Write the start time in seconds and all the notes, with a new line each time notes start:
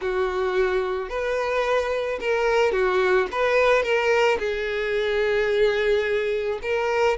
0.01 F#4
1.09 B4
2.20 A#4
2.72 F#4
3.31 B4
3.83 A#4
4.38 G#4
6.62 A#4